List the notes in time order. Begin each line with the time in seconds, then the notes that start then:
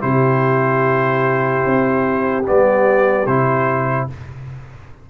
0.00 C3 E4 G4 C5
1.66 C4
2.46 G3 B3 D5
3.26 C3 E4 C5